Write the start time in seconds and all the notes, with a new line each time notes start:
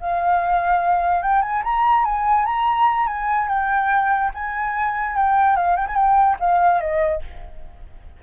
0.00 F5
1.22 G5
1.42 G#5
1.63 A#5
2.04 G#5
2.45 A#5
3.07 G#5
3.48 G5
4.34 G#5
5.16 G5
5.56 F5
5.76 G5
5.87 G#5
5.95 G5
6.39 F5
6.80 D#5